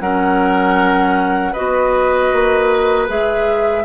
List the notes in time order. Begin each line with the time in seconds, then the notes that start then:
0.00 F#3 C#4 A#4 F#5
1.52 F#4 B4 D#5
1.58 B3
2.32 A#3
3.08 G#3 G#4 E5